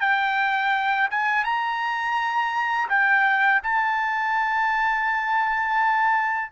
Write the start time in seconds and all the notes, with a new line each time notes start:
0.00 G5
1.10 G#5
1.44 A#5
2.89 G5
3.63 A5